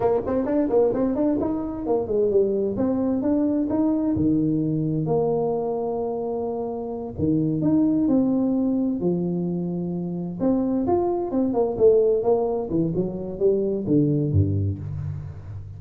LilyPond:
\new Staff \with { instrumentName = "tuba" } { \time 4/4 \tempo 4 = 130 ais8 c'8 d'8 ais8 c'8 d'8 dis'4 | ais8 gis8 g4 c'4 d'4 | dis'4 dis2 ais4~ | ais2.~ ais8 dis8~ |
dis8 dis'4 c'2 f8~ | f2~ f8 c'4 f'8~ | f'8 c'8 ais8 a4 ais4 e8 | fis4 g4 d4 g,4 | }